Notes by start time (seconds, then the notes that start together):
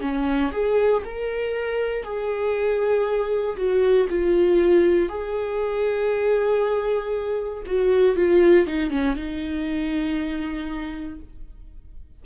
0.00 C#4
0.52 G#4
1.04 A#4
2.03 G#4
3.56 F#4
4.10 F4
5.09 G#4
7.66 F#4
8.15 F4
8.67 D#4
8.90 C#4
9.16 D#4